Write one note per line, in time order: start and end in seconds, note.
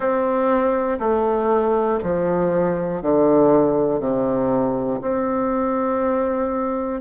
0.00 0.99 C4
0.99 1.99 A3
2.03 3.01 F3
3.01 4.00 D3
4.00 5.00 C3
5.01 7.00 C4